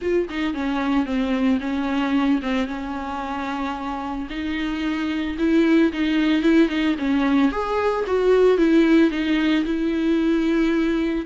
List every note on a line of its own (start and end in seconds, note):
0.01 0.28 F4
0.29 0.54 D#4
0.54 1.05 C#4
1.05 1.59 C4
1.60 2.41 C#4
2.42 2.67 C4
2.67 4.28 C#4
4.29 5.36 D#4
5.38 5.91 E4
5.92 6.42 D#4
6.42 6.68 E4
6.68 6.95 D#4
6.98 7.51 C#4
7.51 8.05 G#4
8.06 8.57 F#4
8.57 9.10 E4
9.10 9.64 D#4
9.65 11.25 E4